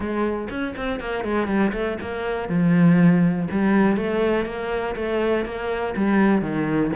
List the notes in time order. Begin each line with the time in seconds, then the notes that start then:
0.00 G#3
0.50 C#4
0.76 C4
1.00 A#3
1.24 G#3
1.47 G3
1.72 A3
2.01 A#3
2.48 F3
3.51 G3
3.96 A3
4.45 A#3
4.95 A3
5.45 A#3
5.96 G3
6.41 D#3